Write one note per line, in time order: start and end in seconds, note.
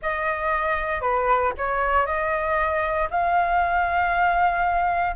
0.02 1.01 D#5
1.01 1.52 B4
1.57 2.05 C#5
2.05 3.08 D#5
3.10 5.15 F5